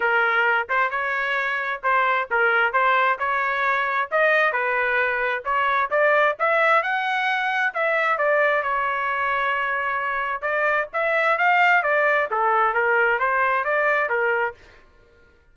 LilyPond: \new Staff \with { instrumentName = "trumpet" } { \time 4/4 \tempo 4 = 132 ais'4. c''8 cis''2 | c''4 ais'4 c''4 cis''4~ | cis''4 dis''4 b'2 | cis''4 d''4 e''4 fis''4~ |
fis''4 e''4 d''4 cis''4~ | cis''2. d''4 | e''4 f''4 d''4 a'4 | ais'4 c''4 d''4 ais'4 | }